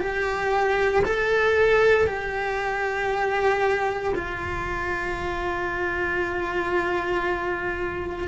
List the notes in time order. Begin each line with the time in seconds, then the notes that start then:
0.00 G4
1.04 A4
2.06 G4
4.15 F4